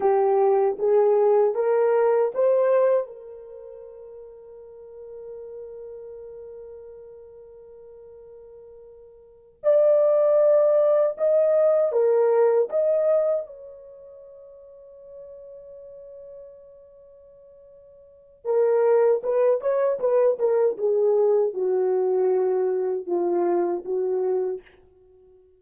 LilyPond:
\new Staff \with { instrumentName = "horn" } { \time 4/4 \tempo 4 = 78 g'4 gis'4 ais'4 c''4 | ais'1~ | ais'1~ | ais'8 d''2 dis''4 ais'8~ |
ais'8 dis''4 cis''2~ cis''8~ | cis''1 | ais'4 b'8 cis''8 b'8 ais'8 gis'4 | fis'2 f'4 fis'4 | }